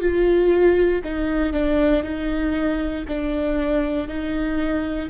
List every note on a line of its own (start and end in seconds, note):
0.00 1.02 F4
1.04 1.53 D#4
1.53 2.02 D4
2.02 3.04 D#4
3.07 4.08 D4
4.08 5.09 D#4